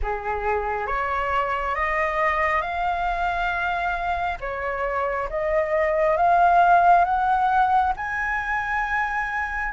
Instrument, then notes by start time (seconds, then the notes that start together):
flute
0.02 G#4
0.86 C#5
1.75 D#5
2.61 F5
4.40 C#5
5.29 D#5
6.16 F5
7.04 F#5
7.96 G#5